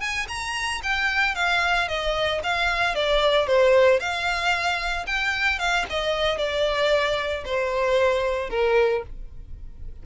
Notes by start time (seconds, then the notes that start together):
0.00 G#5
0.28 A#5
0.83 G5
1.35 F5
1.88 D#5
2.43 F5
2.95 D5
3.47 C5
3.99 F5
5.06 G5
5.59 F5
5.90 D#5
6.38 D5
7.45 C5
8.50 A#4